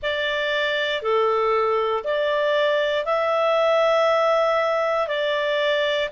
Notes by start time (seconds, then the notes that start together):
0.02 D5
1.02 A4
2.03 D5
3.05 E5
5.07 D5